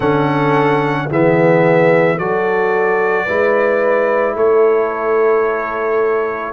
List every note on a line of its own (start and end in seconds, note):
0.00 1.09 D3
0.00 1.09 C#4
0.00 1.06 A4
0.00 1.09 F#5
1.08 2.19 E3
1.08 2.18 B3
1.08 2.17 G#4
1.08 2.18 E5
2.18 3.28 F#3
2.18 3.27 F#4
2.18 3.25 A4
2.18 4.36 D5
3.25 4.35 G#3
3.25 6.52 E4
3.25 4.34 B4
4.35 6.52 A3
4.35 6.52 A4
4.35 6.52 C#5